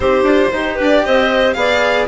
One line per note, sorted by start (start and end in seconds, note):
0.00 0.23 C4
0.00 0.25 D#4
0.00 0.53 G4
0.00 0.78 C5
0.23 0.49 D4
0.23 0.52 F4
0.52 0.78 D#4
0.52 1.55 G4
0.52 0.75 C5
0.75 1.05 D4
0.75 1.01 B4
0.75 1.05 D5
1.04 1.55 C4
1.04 1.57 C5
1.04 1.53 D#5
1.53 2.07 B3
1.53 2.07 G#4
1.53 2.08 D5
1.53 2.05 F5